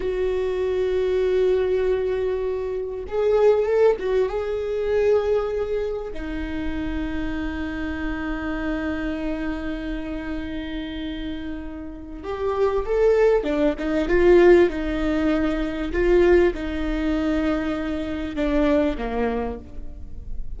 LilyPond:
\new Staff \with { instrumentName = "viola" } { \time 4/4 \tempo 4 = 98 fis'1~ | fis'4 gis'4 a'8 fis'8 gis'4~ | gis'2 dis'2~ | dis'1~ |
dis'1 | g'4 a'4 d'8 dis'8 f'4 | dis'2 f'4 dis'4~ | dis'2 d'4 ais4 | }